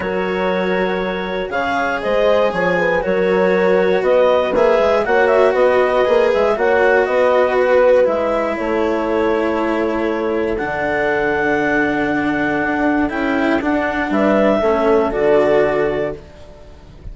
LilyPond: <<
  \new Staff \with { instrumentName = "clarinet" } { \time 4/4 \tempo 4 = 119 cis''2. f''4 | dis''4 gis''4 cis''2 | dis''4 e''4 fis''8 e''8 dis''4~ | dis''8 e''8 fis''4 dis''4 b'4 |
e''4 cis''2.~ | cis''4 fis''2.~ | fis''2 g''4 fis''4 | e''2 d''2 | }
  \new Staff \with { instrumentName = "horn" } { \time 4/4 ais'2. cis''4 | c''4 cis''8 b'8 ais'2 | b'2 cis''4 b'4~ | b'4 cis''4 b'2~ |
b'4 a'2.~ | a'1~ | a'1 | b'4 a'2. | }
  \new Staff \with { instrumentName = "cello" } { \time 4/4 fis'2. gis'4~ | gis'2 fis'2~ | fis'4 gis'4 fis'2 | gis'4 fis'2. |
e'1~ | e'4 d'2.~ | d'2 e'4 d'4~ | d'4 cis'4 fis'2 | }
  \new Staff \with { instrumentName = "bassoon" } { \time 4/4 fis2. cis4 | gis4 f4 fis2 | b4 ais8 gis8 ais4 b4 | ais8 gis8 ais4 b2 |
gis4 a2.~ | a4 d2.~ | d4 d'4 cis'4 d'4 | g4 a4 d2 | }
>>